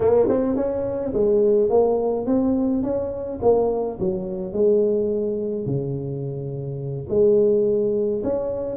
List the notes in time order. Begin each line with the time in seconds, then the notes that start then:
0.00 A#3
0.29 C4
0.56 C#4
1.13 G#3
1.69 A#3
2.26 C4
2.83 C#4
3.42 A#3
3.99 F#3
4.52 G#3
5.66 C#3
7.09 G#3
8.23 C#4